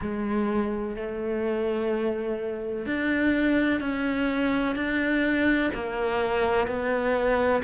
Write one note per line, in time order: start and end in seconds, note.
0.01 0.95 G#3
0.95 2.86 A3
2.86 3.80 D4
3.80 4.75 C#4
4.75 5.71 D4
5.74 6.67 A#3
6.67 7.62 B3